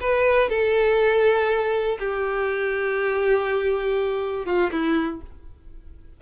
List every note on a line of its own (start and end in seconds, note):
0.00 0.49 B4
0.49 1.98 A4
1.99 4.45 G4
4.45 4.70 F4
4.71 5.21 E4